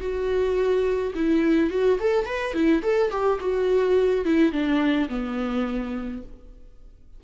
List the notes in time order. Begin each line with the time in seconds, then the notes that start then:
0.00 F#4
1.15 E4
1.70 F#4
2.00 A4
2.26 B4
2.54 E4
2.83 A4
3.11 G4
3.40 F#4
4.25 E4
4.52 D4
5.09 B3